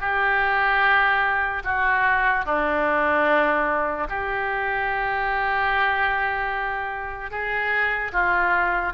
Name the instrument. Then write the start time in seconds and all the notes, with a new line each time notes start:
oboe
0.00 G4
1.64 F#4
2.45 D4
4.09 G4
7.30 G#4
8.12 F4